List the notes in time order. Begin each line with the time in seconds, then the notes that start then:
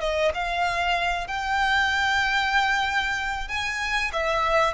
0.00 D#5
0.34 F5
1.27 G5
3.48 G#5
4.13 E5